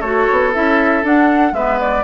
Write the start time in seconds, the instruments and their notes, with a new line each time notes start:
0.00 bassoon A3, clarinet F#4, oboe A4, flute C#5
0.31 bassoon B3
0.53 bassoon C#4, clarinet E4, flute E5
1.03 bassoon D4, clarinet D4, flute F#5
1.52 bassoon G#3, clarinet B3, oboe B4, flute E5
1.80 flute D5